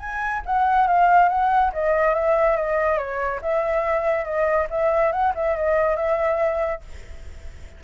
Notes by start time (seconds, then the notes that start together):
0.00 G#5
0.46 F#5
0.88 F5
1.29 F#5
1.73 D#5
2.15 E5
2.57 D#5
2.98 C#5
3.42 E5
4.25 D#5
4.71 E5
5.12 F#5
5.35 E5
5.56 D#5
5.97 E5